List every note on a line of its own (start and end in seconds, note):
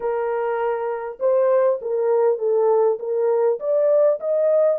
0.00 1.18 A#4
1.19 1.79 C5
1.81 2.38 A#4
2.38 2.98 A4
2.99 3.59 A#4
3.59 4.19 D5
4.20 4.79 D#5